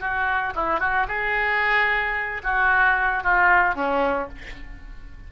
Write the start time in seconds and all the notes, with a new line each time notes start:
0.00 F#4
0.55 E4
0.80 F#4
1.08 G#4
2.44 F#4
3.24 F4
3.75 C#4